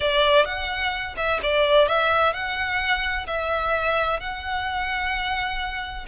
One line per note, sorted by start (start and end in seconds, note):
0.00 0.45 D5
0.45 1.15 F#5
1.16 1.40 E5
1.42 1.88 D5
1.88 2.33 E5
2.33 3.26 F#5
3.26 4.19 E5
4.20 6.06 F#5